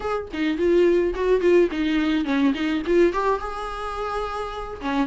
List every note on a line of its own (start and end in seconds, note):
0.00 0.28 G#4
0.33 0.57 D#4
0.57 1.14 F4
1.14 1.40 F#4
1.40 1.69 F4
1.71 2.24 D#4
2.24 2.53 C#4
2.53 2.82 D#4
2.86 3.12 F4
3.12 3.39 G4
3.39 4.81 G#4
4.81 5.07 C#4